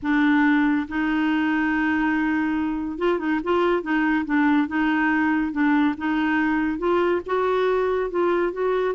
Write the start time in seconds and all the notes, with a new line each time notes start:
0.02 D4
0.88 D#4
2.98 F4
3.18 D#4
3.43 F4
3.82 D#4
4.25 D4
4.67 D#4
5.52 D4
5.97 D#4
6.78 F4
7.26 F#4
8.10 F4
8.52 F#4